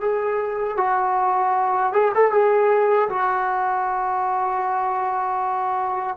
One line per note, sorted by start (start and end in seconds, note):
0.00 0.77 G#4
0.77 1.92 F#4
1.92 2.12 G#4
2.14 2.32 A4
2.32 3.09 G#4
3.09 6.16 F#4